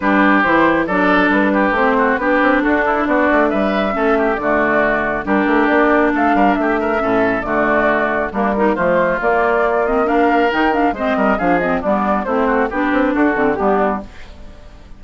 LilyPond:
<<
  \new Staff \with { instrumentName = "flute" } { \time 4/4 \tempo 4 = 137 b'4 c''4 d''4 b'4 | c''4 b'4 a'4 d''4 | e''2 d''2 | ais'4 d''4 f''4 e''4~ |
e''4 d''2 ais'4 | c''4 d''4. dis''8 f''4 | g''8 f''8 dis''4 f''8 dis''8 d''4 | c''4 b'4 a'4 g'4 | }
  \new Staff \with { instrumentName = "oboe" } { \time 4/4 g'2 a'4. g'8~ | g'8 fis'8 g'4 fis'8 e'8 fis'4 | b'4 a'8 g'8 fis'2 | g'2 a'8 ais'8 g'8 ais'8 |
a'4 fis'2 d'8 ais8 | f'2. ais'4~ | ais'4 c''8 ais'8 gis'4 d'4 | e'8 fis'8 g'4 fis'4 d'4 | }
  \new Staff \with { instrumentName = "clarinet" } { \time 4/4 d'4 e'4 d'2 | c'4 d'2.~ | d'4 cis'4 a2 | d'1 |
cis'4 a2 ais8 dis'8 | a4 ais4. c'8 d'4 | dis'8 d'8 c'4 d'8 c'8 b4 | c'4 d'4. c'8 b4 | }
  \new Staff \with { instrumentName = "bassoon" } { \time 4/4 g4 e4 fis4 g4 | a4 b8 c'8 d'4 b8 a8 | g4 a4 d2 | g8 a8 ais4 a8 g8 a4 |
a,4 d2 g4 | f4 ais2. | dis4 gis8 g8 f4 g4 | a4 b8 c'8 d'8 d8 g4 | }
>>